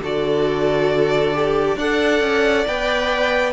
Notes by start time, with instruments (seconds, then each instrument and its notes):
0.00 cello D3, viola F#4, violin A4 D5
1.34 viola G4
1.76 cello D4, viola A4, violin D5 F#5
2.20 cello C#4
2.67 cello B3, viola B4, violin G5